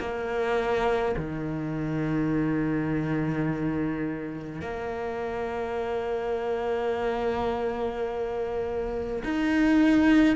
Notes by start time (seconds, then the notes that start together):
0.00 A#3
1.16 D#3
4.61 A#3
9.24 D#4